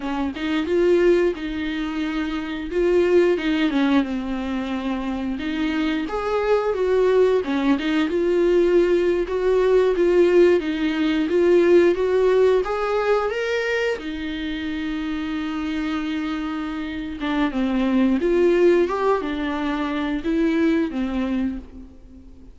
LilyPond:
\new Staff \with { instrumentName = "viola" } { \time 4/4 \tempo 4 = 89 cis'8 dis'8 f'4 dis'2 | f'4 dis'8 cis'8 c'2 | dis'4 gis'4 fis'4 cis'8 dis'8 | f'4.~ f'16 fis'4 f'4 dis'16~ |
dis'8. f'4 fis'4 gis'4 ais'16~ | ais'8. dis'2.~ dis'16~ | dis'4. d'8 c'4 f'4 | g'8 d'4. e'4 c'4 | }